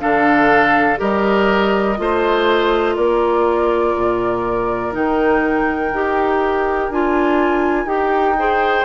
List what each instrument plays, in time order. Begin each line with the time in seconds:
0.00 bassoon D3, clarinet D4, oboe A4, flute F5
0.98 bassoon G3, clarinet G4, oboe A#4, flute D#5
1.97 bassoon A3, clarinet F4, oboe C5
2.96 bassoon A#3, oboe A#4, flute D5
3.96 bassoon A#2
4.92 bassoon D#3, clarinet D#4, flute G5
5.93 bassoon D#4, clarinet G4
6.90 bassoon D4, clarinet F4, flute G#5
7.85 bassoon D#4, clarinet G4, flute G5
8.38 clarinet G#4, oboe C5